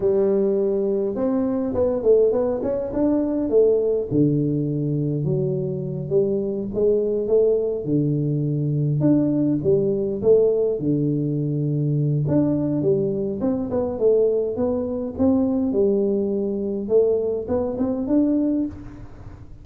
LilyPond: \new Staff \with { instrumentName = "tuba" } { \time 4/4 \tempo 4 = 103 g2 c'4 b8 a8 | b8 cis'8 d'4 a4 d4~ | d4 fis4. g4 gis8~ | gis8 a4 d2 d'8~ |
d'8 g4 a4 d4.~ | d4 d'4 g4 c'8 b8 | a4 b4 c'4 g4~ | g4 a4 b8 c'8 d'4 | }